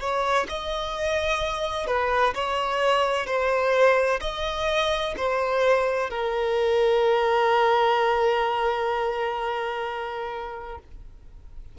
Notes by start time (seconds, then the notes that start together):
0.00 C#5
0.49 D#5
1.87 B4
2.34 C#5
3.26 C5
4.21 D#5
5.17 C5
6.10 A#4